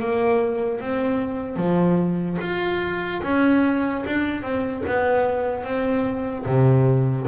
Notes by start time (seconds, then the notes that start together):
0.00 A#3
0.81 C4
1.57 F3
2.41 F4
3.23 C#4
4.07 D4
4.43 C4
4.87 B3
5.64 C4
6.46 C3